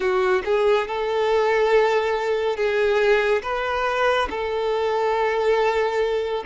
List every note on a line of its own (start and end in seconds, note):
0.00 0.42 F#4
0.44 0.87 G#4
0.87 2.56 A4
2.56 3.42 G#4
3.42 4.28 B4
4.29 6.44 A4